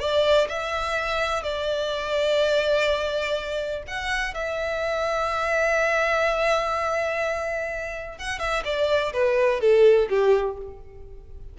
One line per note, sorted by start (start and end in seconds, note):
0.00 0.48 D5
0.49 1.43 E5
1.43 3.83 D5
3.88 4.34 F#5
4.34 8.18 E5
8.19 8.39 F#5
8.39 8.63 E5
8.65 9.13 D5
9.13 9.61 B4
9.61 10.09 A4
10.10 10.58 G4